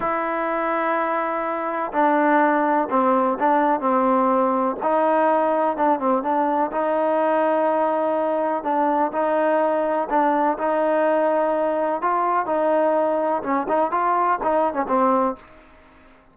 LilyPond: \new Staff \with { instrumentName = "trombone" } { \time 4/4 \tempo 4 = 125 e'1 | d'2 c'4 d'4 | c'2 dis'2 | d'8 c'8 d'4 dis'2~ |
dis'2 d'4 dis'4~ | dis'4 d'4 dis'2~ | dis'4 f'4 dis'2 | cis'8 dis'8 f'4 dis'8. cis'16 c'4 | }